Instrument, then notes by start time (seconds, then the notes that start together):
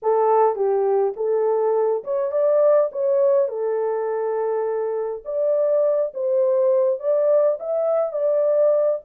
horn
0.02 A4
0.55 G4
1.16 A4
2.04 C#5
2.31 D5
2.92 C#5
3.48 A4
5.25 D5
6.14 C5
6.99 D5
7.59 E5
8.12 D5